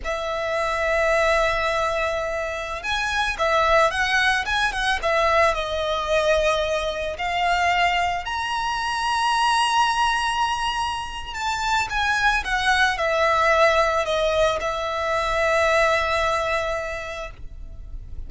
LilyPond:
\new Staff \with { instrumentName = "violin" } { \time 4/4 \tempo 4 = 111 e''1~ | e''4~ e''16 gis''4 e''4 fis''8.~ | fis''16 gis''8 fis''8 e''4 dis''4.~ dis''16~ | dis''4~ dis''16 f''2 ais''8.~ |
ais''1~ | ais''4 a''4 gis''4 fis''4 | e''2 dis''4 e''4~ | e''1 | }